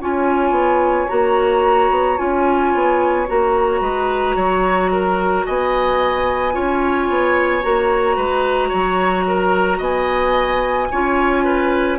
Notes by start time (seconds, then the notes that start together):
0.00 C#4 F4 C#5 G#5
0.50 B3
1.07 A#3 F#4 A#5
1.90 B3
2.17 C#4 F4 G#5
2.74 B3
3.27 A#3 F#4 A#5
3.80 G#3 B4
4.35 F#3 C#5
4.92 A#4
5.46 B3 D#5 G#5
6.52 C#4 F4 C#5
7.09 B3
7.62 A#3 F#4 A#5
8.16 G#3 B4
8.68 F#3 C#5
9.27 A#4
9.78 B3 D#5 G#5
10.91 C#4 F4 C#5
11.44 B4